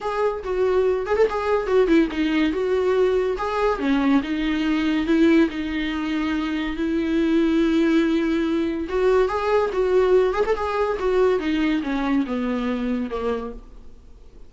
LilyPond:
\new Staff \with { instrumentName = "viola" } { \time 4/4 \tempo 4 = 142 gis'4 fis'4. gis'16 a'16 gis'4 | fis'8 e'8 dis'4 fis'2 | gis'4 cis'4 dis'2 | e'4 dis'2. |
e'1~ | e'4 fis'4 gis'4 fis'4~ | fis'8 gis'16 a'16 gis'4 fis'4 dis'4 | cis'4 b2 ais4 | }